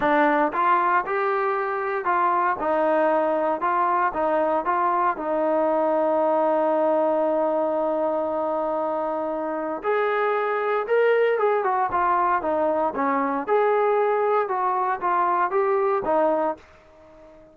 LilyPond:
\new Staff \with { instrumentName = "trombone" } { \time 4/4 \tempo 4 = 116 d'4 f'4 g'2 | f'4 dis'2 f'4 | dis'4 f'4 dis'2~ | dis'1~ |
dis'2. gis'4~ | gis'4 ais'4 gis'8 fis'8 f'4 | dis'4 cis'4 gis'2 | fis'4 f'4 g'4 dis'4 | }